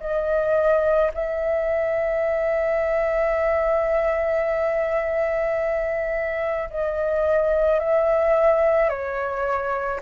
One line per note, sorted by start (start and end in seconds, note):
0.00 1.11 D#5
1.14 6.70 E5
6.70 7.80 D#5
7.80 8.89 E5
8.89 10.01 C#5